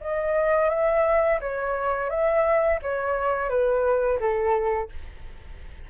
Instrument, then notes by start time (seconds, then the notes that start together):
flute
0.00 D#5
0.69 E5
1.40 C#5
2.09 E5
2.82 C#5
3.49 B4
4.20 A4